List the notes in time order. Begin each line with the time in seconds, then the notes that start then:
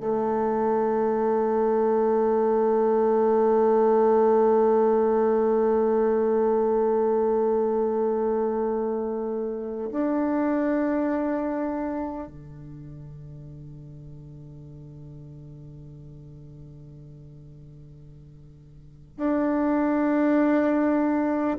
0.00 A3
9.91 D4
12.28 D3
19.17 D4